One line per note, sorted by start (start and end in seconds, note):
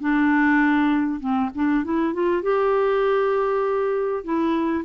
0.00 1.20 D4
1.20 1.50 C4
1.55 1.84 D4
1.84 2.13 E4
2.13 2.42 F4
2.42 4.24 G4
4.24 4.84 E4